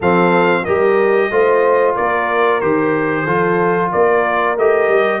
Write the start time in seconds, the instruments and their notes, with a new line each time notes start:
0.00 tuba F3, trombone C4, horn A4, trumpet F5
0.64 tuba G3, trombone G4, horn A#4, trumpet D#5
1.31 tuba A3, trombone F4, horn C5
1.95 tuba A#3, horn A#4, trumpet D5
2.60 tuba D#3, trombone G4, trumpet C5
3.24 tuba F3, trombone F4, horn A4
3.91 tuba A#3, horn A#4, trumpet D5
4.57 tuba A3, trombone G4, trumpet D#5
4.88 tuba G3